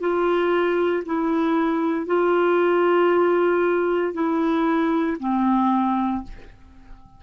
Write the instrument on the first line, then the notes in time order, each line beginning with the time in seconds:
clarinet
0.00 F4
1.06 E4
2.06 F4
4.14 E4
5.20 C4